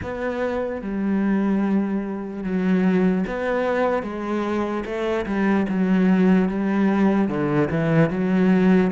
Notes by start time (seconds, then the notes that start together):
0.02 B3
0.81 G3
2.43 F#3
3.27 B3
4.02 G#3
4.85 A3
5.26 G3
5.68 F#3
6.48 G3
7.28 D3
7.70 E3
8.10 F#3